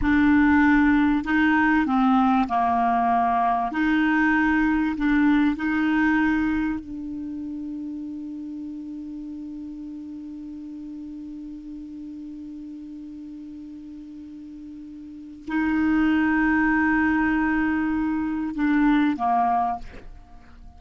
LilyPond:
\new Staff \with { instrumentName = "clarinet" } { \time 4/4 \tempo 4 = 97 d'2 dis'4 c'4 | ais2 dis'2 | d'4 dis'2 d'4~ | d'1~ |
d'1~ | d'1~ | d'4 dis'2.~ | dis'2 d'4 ais4 | }